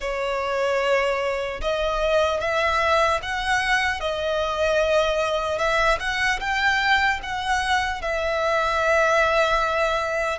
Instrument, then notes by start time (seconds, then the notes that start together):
violin
0.00 C#5
1.61 D#5
2.40 E5
3.22 F#5
4.00 D#5
5.58 E5
5.99 F#5
6.40 G5
7.22 F#5
8.01 E5